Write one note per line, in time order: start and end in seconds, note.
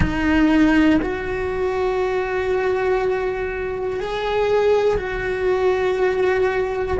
0.00 1.00 D#4
1.01 4.00 F#4
4.00 4.97 G#4
4.97 6.97 F#4